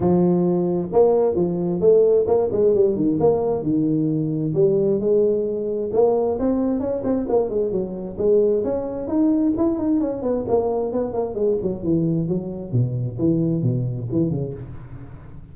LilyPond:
\new Staff \with { instrumentName = "tuba" } { \time 4/4 \tempo 4 = 132 f2 ais4 f4 | a4 ais8 gis8 g8 dis8 ais4 | dis2 g4 gis4~ | gis4 ais4 c'4 cis'8 c'8 |
ais8 gis8 fis4 gis4 cis'4 | dis'4 e'8 dis'8 cis'8 b8 ais4 | b8 ais8 gis8 fis8 e4 fis4 | b,4 e4 b,4 e8 cis8 | }